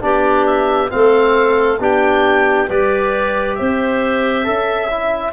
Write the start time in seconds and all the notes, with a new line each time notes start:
0.00 B3 D4 G4 D5
0.46 E5
0.89 A3 C4 A4 F5
1.79 B3 D4 G4 G5
2.68 G3 G4 B4 D5
3.54 C4 C5 E5
4.43 C#4 A4 E5
4.90 E4